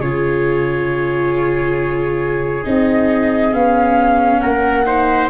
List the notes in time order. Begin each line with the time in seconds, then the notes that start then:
0.00 C#3 F4 G#4 C#5
2.64 C4 D#4 D#5
3.53 B3 C#4 F5
4.40 A#3 A#4 F#5
4.86 D#4 C5